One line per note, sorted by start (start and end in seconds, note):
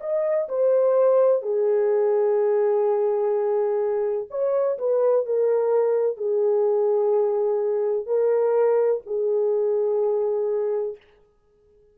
0.00 0.48 D#5
0.48 1.42 C5
1.42 4.28 G#4
4.30 4.78 C#5
4.78 5.26 B4
5.26 6.17 A#4
6.17 8.06 G#4
8.06 9.01 A#4
9.06 10.97 G#4